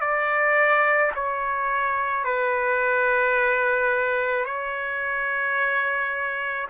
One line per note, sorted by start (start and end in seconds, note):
0.00 1.11 D5
1.15 2.24 C#5
2.24 4.45 B4
4.45 6.67 C#5